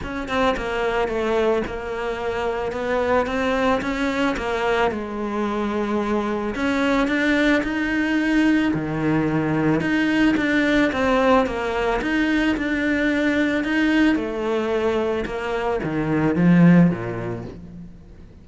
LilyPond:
\new Staff \with { instrumentName = "cello" } { \time 4/4 \tempo 4 = 110 cis'8 c'8 ais4 a4 ais4~ | ais4 b4 c'4 cis'4 | ais4 gis2. | cis'4 d'4 dis'2 |
dis2 dis'4 d'4 | c'4 ais4 dis'4 d'4~ | d'4 dis'4 a2 | ais4 dis4 f4 ais,4 | }